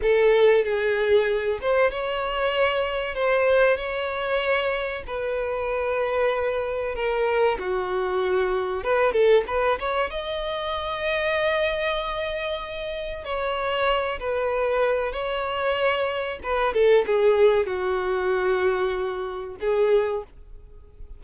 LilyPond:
\new Staff \with { instrumentName = "violin" } { \time 4/4 \tempo 4 = 95 a'4 gis'4. c''8 cis''4~ | cis''4 c''4 cis''2 | b'2. ais'4 | fis'2 b'8 a'8 b'8 cis''8 |
dis''1~ | dis''4 cis''4. b'4. | cis''2 b'8 a'8 gis'4 | fis'2. gis'4 | }